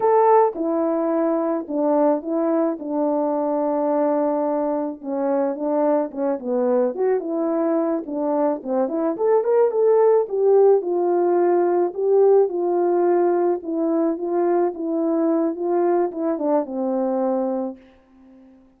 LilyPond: \new Staff \with { instrumentName = "horn" } { \time 4/4 \tempo 4 = 108 a'4 e'2 d'4 | e'4 d'2.~ | d'4 cis'4 d'4 cis'8 b8~ | b8 fis'8 e'4. d'4 c'8 |
e'8 a'8 ais'8 a'4 g'4 f'8~ | f'4. g'4 f'4.~ | f'8 e'4 f'4 e'4. | f'4 e'8 d'8 c'2 | }